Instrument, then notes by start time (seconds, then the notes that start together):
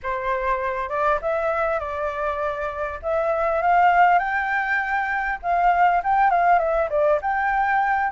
flute
0.02 C5
0.89 D5
1.21 E5
1.79 D5
3.02 E5
3.62 F5
4.18 G5
5.42 F5
6.03 G5
6.30 F5
6.58 E5
6.89 D5
7.21 G5